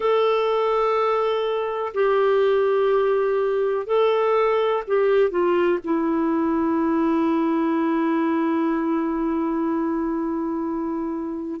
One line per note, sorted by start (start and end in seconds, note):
0.00 1.93 A4
1.94 3.86 G4
3.86 4.83 A4
4.87 5.30 G4
5.30 5.78 F4
5.84 11.60 E4